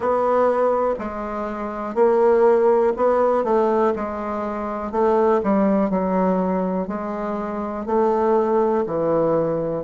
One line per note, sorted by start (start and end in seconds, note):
0.00 0.94 B3
0.98 1.94 G#3
1.94 2.92 A#3
2.96 3.44 B3
3.44 3.93 A3
3.95 4.91 G#3
4.91 5.41 A3
5.43 5.90 G3
5.90 6.87 F#3
6.87 7.86 G#3
7.86 8.84 A3
8.86 9.84 E3